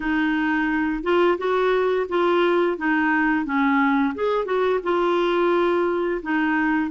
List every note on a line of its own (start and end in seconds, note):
0.00 1.03 D#4
1.03 1.37 F4
1.38 2.07 F#4
2.08 2.77 F4
2.77 3.45 D#4
3.45 4.14 C#4
4.14 4.45 G#4
4.45 4.79 F#4
4.83 6.21 F4
6.22 6.90 D#4